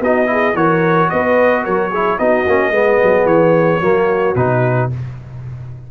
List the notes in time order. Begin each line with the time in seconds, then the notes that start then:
0.00 B3 D#4 F#4 D#5
0.26 E4 G#4
0.54 E3 F#4 A#4 C#5
1.10 B3 B4 D#5
1.64 F#3 A#4 C#5
1.90 E4 G#4
2.18 B3 D#4 F#4 D#5
2.47 A#3 C#4
2.70 G#3 B3 G#4
3.03 F#3
3.25 E3 C#5
3.81 F#3 A#3 F#4
4.35 B2 D#4 B4